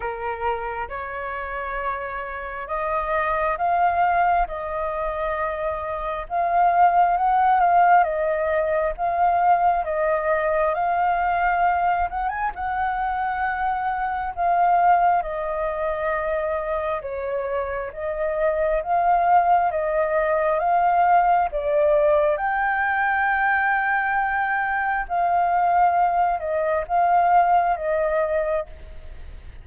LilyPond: \new Staff \with { instrumentName = "flute" } { \time 4/4 \tempo 4 = 67 ais'4 cis''2 dis''4 | f''4 dis''2 f''4 | fis''8 f''8 dis''4 f''4 dis''4 | f''4. fis''16 gis''16 fis''2 |
f''4 dis''2 cis''4 | dis''4 f''4 dis''4 f''4 | d''4 g''2. | f''4. dis''8 f''4 dis''4 | }